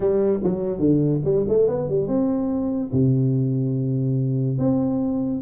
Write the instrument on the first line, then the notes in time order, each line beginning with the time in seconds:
tuba
0.00 G3
0.43 F#3
0.79 D3
1.24 G3
1.48 A3
1.68 B3
1.88 G3
2.07 C4
2.92 C3
4.58 C4